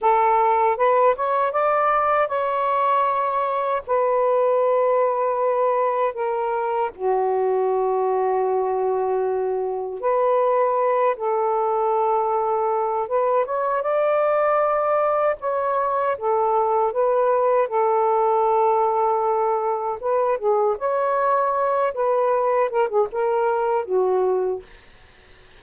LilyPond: \new Staff \with { instrumentName = "saxophone" } { \time 4/4 \tempo 4 = 78 a'4 b'8 cis''8 d''4 cis''4~ | cis''4 b'2. | ais'4 fis'2.~ | fis'4 b'4. a'4.~ |
a'4 b'8 cis''8 d''2 | cis''4 a'4 b'4 a'4~ | a'2 b'8 gis'8 cis''4~ | cis''8 b'4 ais'16 gis'16 ais'4 fis'4 | }